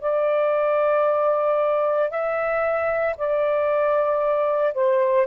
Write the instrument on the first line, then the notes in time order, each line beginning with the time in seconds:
saxophone
0.00 D5
2.10 E5
3.17 D5
4.74 C5